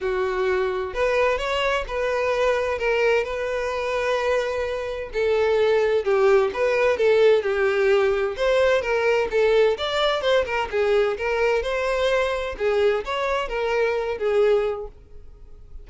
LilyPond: \new Staff \with { instrumentName = "violin" } { \time 4/4 \tempo 4 = 129 fis'2 b'4 cis''4 | b'2 ais'4 b'4~ | b'2. a'4~ | a'4 g'4 b'4 a'4 |
g'2 c''4 ais'4 | a'4 d''4 c''8 ais'8 gis'4 | ais'4 c''2 gis'4 | cis''4 ais'4. gis'4. | }